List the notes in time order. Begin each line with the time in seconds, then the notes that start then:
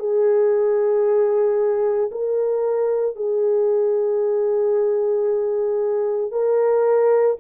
0.00 G#4
2.11 A#4
3.16 G#4
6.32 A#4